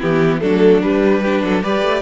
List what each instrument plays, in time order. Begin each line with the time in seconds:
0.00 cello E3, viola B3, violin E4 G4
0.41 cello F#3, viola A3, violin D4 A4
0.81 cello G3, viola G3, violin B4
1.22 viola D4, violin G4
1.43 cello F#3, violin A4
1.63 cello G3, viola G4, violin B4 D5
1.83 cello A3